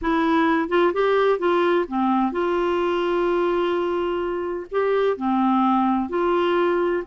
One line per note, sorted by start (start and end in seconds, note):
0.01 0.68 E4
0.68 0.92 F4
0.93 1.38 G4
1.38 1.85 F4
1.88 2.32 C4
2.32 4.66 F4
4.71 5.16 G4
5.16 6.09 C4
6.09 7.03 F4